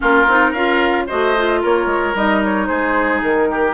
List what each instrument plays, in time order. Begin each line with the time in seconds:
0.00 bassoon A#3, clarinet C#4, oboe F4, flute A#4
0.27 bassoon C4, clarinet D#4
0.50 bassoon C#4, clarinet F4, oboe A#4, flute F5
1.06 bassoon A3, clarinet F#4, oboe C5, flute D#5
1.37 clarinet F4
1.61 bassoon A#3, oboe A#4, flute C#5
1.86 bassoon G#3
2.14 bassoon G3, clarinet D#4, flute D#5
2.43 flute C#5
2.66 bassoon G#3, oboe G#4, flute C5
3.23 bassoon D#3, flute A#4
3.50 oboe G4